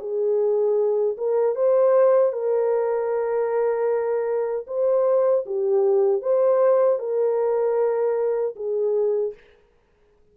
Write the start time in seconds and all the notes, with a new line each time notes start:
0.00 G#4
1.18 A#4
1.56 C5
2.33 A#4
4.67 C5
5.46 G4
6.22 C5
6.99 A#4
8.56 G#4